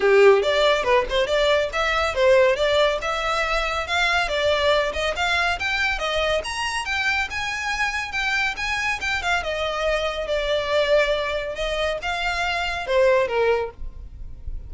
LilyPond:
\new Staff \with { instrumentName = "violin" } { \time 4/4 \tempo 4 = 140 g'4 d''4 b'8 c''8 d''4 | e''4 c''4 d''4 e''4~ | e''4 f''4 d''4. dis''8 | f''4 g''4 dis''4 ais''4 |
g''4 gis''2 g''4 | gis''4 g''8 f''8 dis''2 | d''2. dis''4 | f''2 c''4 ais'4 | }